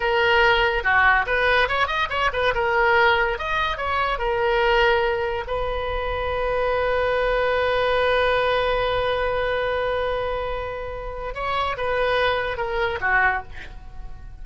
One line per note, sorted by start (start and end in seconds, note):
0.00 0.83 A#4
0.83 1.25 F#4
1.26 1.68 B4
1.68 1.87 C#5
1.87 2.08 D#5
2.09 2.30 C#5
2.32 2.53 B4
2.54 3.38 A#4
3.38 3.77 D#5
3.77 4.18 C#5
4.18 5.44 A#4
5.47 11.34 B4
11.34 11.76 C#5
11.77 12.57 B4
12.57 12.99 A#4
13.01 13.42 F#4